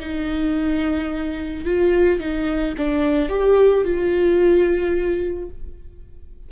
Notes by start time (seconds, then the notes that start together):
0.00 D#4
1.65 F4
2.20 D#4
2.78 D4
3.29 G4
3.84 F4